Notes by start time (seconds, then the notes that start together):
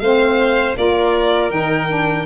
0.00 A3 C4 C5 F5
0.76 A#3 F4 A#4 D5
1.51 D#3 D#4 G5
1.88 D4